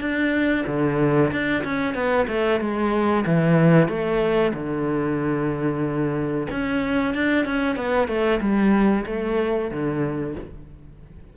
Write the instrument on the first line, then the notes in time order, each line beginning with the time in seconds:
cello
0.00 D4
0.66 D3
1.31 D4
1.64 C#4
1.94 B3
2.28 A3
2.60 G#3
3.26 E3
3.88 A3
4.53 D3
6.50 C#4
7.14 D4
7.45 C#4
7.76 B3
8.08 A3
8.40 G3
9.06 A3
9.70 D3